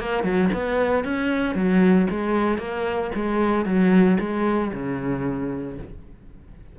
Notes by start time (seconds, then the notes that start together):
0.00 A#3
0.24 F#3
0.54 B3
1.04 C#4
1.55 F#3
2.10 G#3
2.58 A#3
3.15 G#3
3.65 F#3
4.20 G#3
4.73 C#3